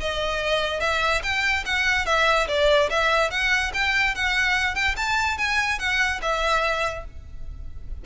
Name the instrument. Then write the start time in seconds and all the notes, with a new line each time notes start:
violin
0.00 D#5
0.81 E5
1.23 G5
1.66 F#5
2.06 E5
2.48 D5
2.90 E5
3.31 F#5
3.74 G5
4.15 F#5
4.75 G5
4.97 A5
5.38 G#5
5.79 F#5
6.22 E5